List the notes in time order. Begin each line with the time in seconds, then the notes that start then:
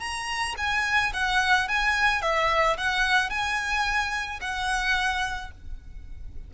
0.00 A#5
0.58 G#5
1.13 F#5
1.68 G#5
2.22 E5
2.77 F#5
3.30 G#5
4.41 F#5